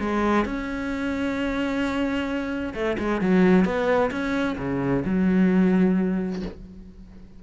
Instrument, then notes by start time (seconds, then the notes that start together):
cello
0.00 G#3
0.45 C#4
2.75 A3
2.99 G#3
3.21 F#3
3.65 B3
4.11 C#4
4.58 C#3
5.05 F#3